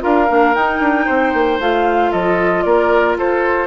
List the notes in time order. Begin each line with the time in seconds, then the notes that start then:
0.00 D4 F4 A#4 F5
0.28 A#3 D4
0.55 D#4 G5
0.80 D4
1.06 C4 C5
1.34 A#3
1.59 A3 F4 F5
2.12 F3 A4 D#5
2.63 A#3 A#4 D5
3.17 F4 A4 C5